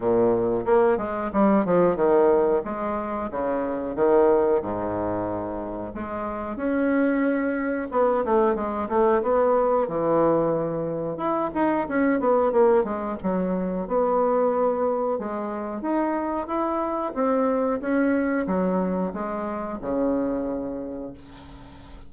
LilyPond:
\new Staff \with { instrumentName = "bassoon" } { \time 4/4 \tempo 4 = 91 ais,4 ais8 gis8 g8 f8 dis4 | gis4 cis4 dis4 gis,4~ | gis,4 gis4 cis'2 | b8 a8 gis8 a8 b4 e4~ |
e4 e'8 dis'8 cis'8 b8 ais8 gis8 | fis4 b2 gis4 | dis'4 e'4 c'4 cis'4 | fis4 gis4 cis2 | }